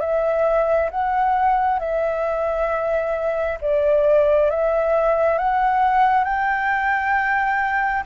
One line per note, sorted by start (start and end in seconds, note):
0.00 0.90 E5
0.90 1.79 F#5
1.79 3.58 E5
3.60 4.50 D5
4.50 5.38 E5
5.38 6.24 F#5
6.24 8.03 G5